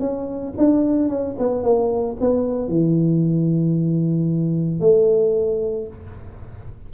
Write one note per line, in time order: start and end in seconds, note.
0.00 0.54 C#4
0.58 1.09 D4
1.09 1.36 C#4
1.39 1.63 B3
1.63 2.17 A#3
2.20 2.69 B3
2.69 4.81 E3
4.81 5.88 A3